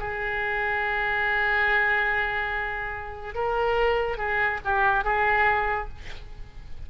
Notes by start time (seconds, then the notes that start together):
0.00 G#4
3.35 A#4
4.18 G#4
4.65 G4
5.04 G#4